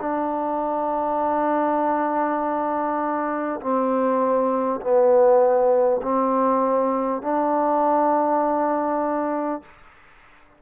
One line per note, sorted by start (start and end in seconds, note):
0.00 3.60 D4
3.60 4.80 C4
4.81 6.01 B3
6.02 7.22 C4
7.22 9.62 D4